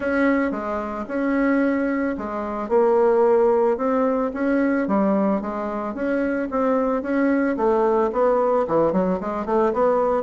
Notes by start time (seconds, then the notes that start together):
0.00 C#4
0.51 G#3
1.07 C#4
2.17 G#3
2.69 A#3
3.77 C4
4.33 C#4
4.87 G3
5.41 G#3
5.94 C#4
6.50 C4
7.02 C#4
7.57 A3
8.12 B3
8.67 E3
8.92 F#3
9.20 G#3
9.45 A3
9.73 B3